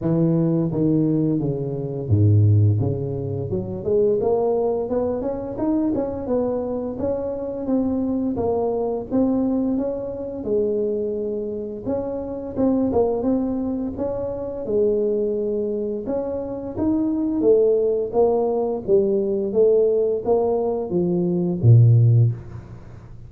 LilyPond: \new Staff \with { instrumentName = "tuba" } { \time 4/4 \tempo 4 = 86 e4 dis4 cis4 gis,4 | cis4 fis8 gis8 ais4 b8 cis'8 | dis'8 cis'8 b4 cis'4 c'4 | ais4 c'4 cis'4 gis4~ |
gis4 cis'4 c'8 ais8 c'4 | cis'4 gis2 cis'4 | dis'4 a4 ais4 g4 | a4 ais4 f4 ais,4 | }